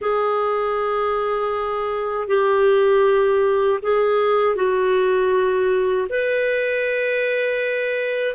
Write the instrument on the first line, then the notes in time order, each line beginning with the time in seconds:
clarinet
0.01 G#4
2.28 G4
3.82 G#4
4.55 F#4
6.09 B4